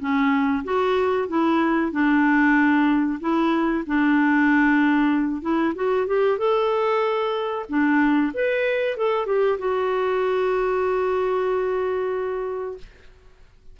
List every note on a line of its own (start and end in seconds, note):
0.00 0.64 C#4
0.65 1.29 F#4
1.29 1.92 E4
1.92 3.20 D4
3.21 3.84 E4
3.87 5.42 D4
5.42 5.74 E4
5.75 6.07 F#4
6.08 6.39 G4
6.39 7.66 A4
7.69 8.33 D4
8.34 8.97 B4
8.97 9.26 A4
9.26 9.58 G4
9.59 12.78 F#4